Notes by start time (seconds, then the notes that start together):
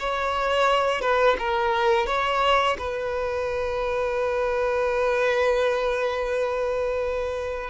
0.00 C#5
1.02 B4
1.39 A#4
2.07 C#5
2.79 B4